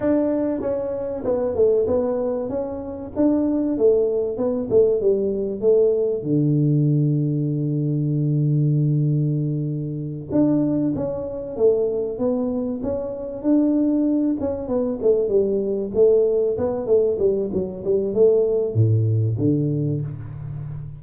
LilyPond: \new Staff \with { instrumentName = "tuba" } { \time 4/4 \tempo 4 = 96 d'4 cis'4 b8 a8 b4 | cis'4 d'4 a4 b8 a8 | g4 a4 d2~ | d1~ |
d8 d'4 cis'4 a4 b8~ | b8 cis'4 d'4. cis'8 b8 | a8 g4 a4 b8 a8 g8 | fis8 g8 a4 a,4 d4 | }